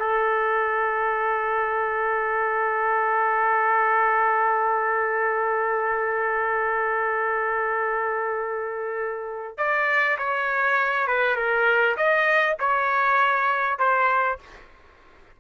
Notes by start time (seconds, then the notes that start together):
0.00 A4
9.58 D5
10.19 C#5
11.08 B4
11.36 A#4
11.97 D#5
12.60 C#5
13.79 C5